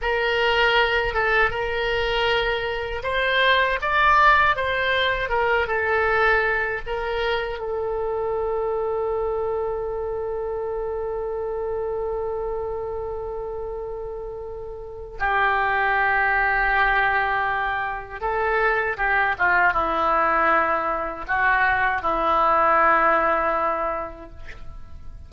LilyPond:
\new Staff \with { instrumentName = "oboe" } { \time 4/4 \tempo 4 = 79 ais'4. a'8 ais'2 | c''4 d''4 c''4 ais'8 a'8~ | a'4 ais'4 a'2~ | a'1~ |
a'1 | g'1 | a'4 g'8 f'8 e'2 | fis'4 e'2. | }